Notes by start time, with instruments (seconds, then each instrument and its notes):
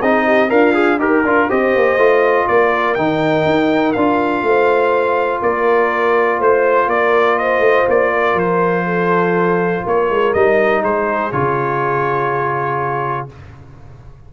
0.00 tuba C4, trombone D#4, horn G#4, trumpet D#5
0.25 horn G4
0.49 tuba D4, horn F4, trombone A#4, trumpet F5
0.73 trombone G#4
0.99 tuba D#4, trombone G4, horn A#4, trumpet A#4
1.24 tuba D4, trombone F4
1.48 tuba C4, trombone G4, horn C5, trumpet D#5
1.75 tuba A#3
1.97 tuba A3, trombone F4
2.47 tuba A#3, horn A#4, trumpet D5
2.94 tuba D#3, trombone D#4, trumpet G5
3.45 tuba D#4
3.92 tuba D4, trombone F4, trumpet F5
4.42 tuba A3, horn C5
5.41 tuba A#3, horn A#4, trumpet D5
6.38 tuba A3, horn C5, trumpet C5
6.87 tuba A#3, horn A#4, trumpet D5
7.38 horn C5, trumpet D#5
7.59 tuba A3
7.88 tuba A#3, trumpet D5
8.13 horn A#4
8.34 tuba F3, trumpet C5
8.84 horn A4
9.85 tuba A#3, horn A#4, trumpet C#5
10.09 tuba G#3
10.33 tuba G3, trombone D#4, trumpet D#5
10.83 tuba G#3, horn G#4, trumpet C5
11.31 tuba C#3, trombone F4, trumpet C#5